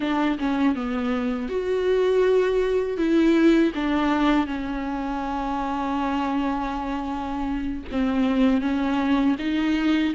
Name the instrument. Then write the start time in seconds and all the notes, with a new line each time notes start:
viola
0.00 D4
0.39 C#4
0.75 B3
1.48 F#4
2.97 E4
3.74 D4
4.46 C#4
7.91 C4
8.61 C#4
9.39 D#4